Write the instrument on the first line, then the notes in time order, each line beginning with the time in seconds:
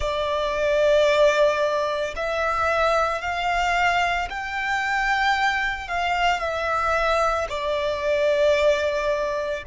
violin
0.00 D5
2.15 E5
3.21 F5
4.29 G5
5.87 F5
6.40 E5
7.49 D5